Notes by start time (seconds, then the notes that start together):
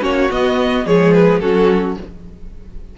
0.00 A#3 C#4 F#4 C#5
0.30 B3 D#5
0.86 F3 G#3 G#4 C#5
1.14 B4
1.40 F#3 C#4 F#4 A4